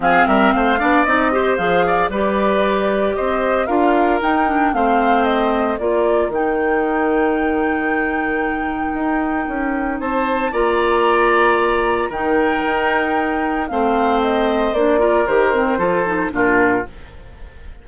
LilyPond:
<<
  \new Staff \with { instrumentName = "flute" } { \time 4/4 \tempo 4 = 114 f''8 e''8 f''4 dis''4 f''4 | d''2 dis''4 f''4 | g''4 f''4 dis''4 d''4 | g''1~ |
g''2. a''4 | ais''2. g''4~ | g''2 f''4 dis''4 | d''4 c''2 ais'4 | }
  \new Staff \with { instrumentName = "oboe" } { \time 4/4 gis'8 ais'8 c''8 d''4 c''4 d''8 | b'2 c''4 ais'4~ | ais'4 c''2 ais'4~ | ais'1~ |
ais'2. c''4 | d''2. ais'4~ | ais'2 c''2~ | c''8 ais'4. a'4 f'4 | }
  \new Staff \with { instrumentName = "clarinet" } { \time 4/4 c'4. d'8 dis'8 g'8 gis'4 | g'2. f'4 | dis'8 d'8 c'2 f'4 | dis'1~ |
dis'1 | f'2. dis'4~ | dis'2 c'2 | d'8 f'8 g'8 c'8 f'8 dis'8 d'4 | }
  \new Staff \with { instrumentName = "bassoon" } { \time 4/4 f8 g8 a8 b8 c'4 f4 | g2 c'4 d'4 | dis'4 a2 ais4 | dis1~ |
dis4 dis'4 cis'4 c'4 | ais2. dis4 | dis'2 a2 | ais4 dis4 f4 ais,4 | }
>>